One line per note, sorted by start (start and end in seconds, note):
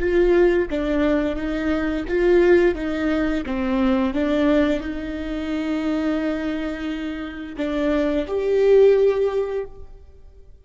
0.00 0.69 F4
0.71 1.36 D4
1.36 2.05 D#4
2.08 2.75 F4
2.75 3.44 D#4
3.46 4.14 C4
4.14 4.81 D4
4.81 7.56 D#4
7.57 8.26 D4
8.27 9.65 G4